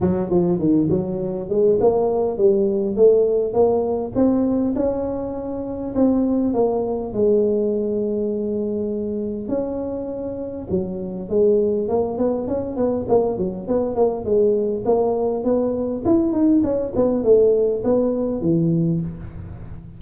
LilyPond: \new Staff \with { instrumentName = "tuba" } { \time 4/4 \tempo 4 = 101 fis8 f8 dis8 fis4 gis8 ais4 | g4 a4 ais4 c'4 | cis'2 c'4 ais4 | gis1 |
cis'2 fis4 gis4 | ais8 b8 cis'8 b8 ais8 fis8 b8 ais8 | gis4 ais4 b4 e'8 dis'8 | cis'8 b8 a4 b4 e4 | }